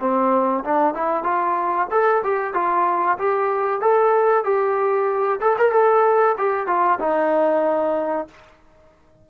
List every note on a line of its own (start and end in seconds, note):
0.00 0.64 C4
0.64 0.94 D4
0.94 1.23 E4
1.23 1.87 F4
1.91 2.23 A4
2.23 2.54 G4
2.54 3.17 F4
3.18 3.81 G4
3.81 4.44 A4
4.44 5.40 G4
5.41 5.56 A4
5.58 5.72 A#4
5.72 6.35 A4
6.38 6.67 G4
6.67 6.99 F4
7.00 8.27 D#4